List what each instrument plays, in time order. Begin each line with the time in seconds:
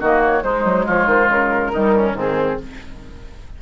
0.00 bassoon D#3, clarinet A#3, oboe F#4, flute D#5
0.25 flute C#5
0.43 clarinet G#3, bassoon G#3, oboe D#4, flute C5
0.64 bassoon F#3
0.85 bassoon F3, oboe F4, flute C#5
1.06 bassoon D#3, flute C5
1.29 bassoon C#3, flute A#4
1.72 bassoon D#3, clarinet G3, oboe D#4
1.96 oboe C#4
2.13 bassoon G#2, clarinet D#3, oboe C4, flute G#4